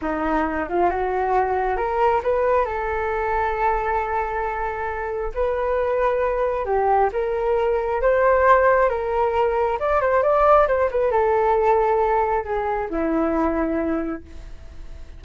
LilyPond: \new Staff \with { instrumentName = "flute" } { \time 4/4 \tempo 4 = 135 dis'4. f'8 fis'2 | ais'4 b'4 a'2~ | a'1 | b'2. g'4 |
ais'2 c''2 | ais'2 d''8 c''8 d''4 | c''8 b'8 a'2. | gis'4 e'2. | }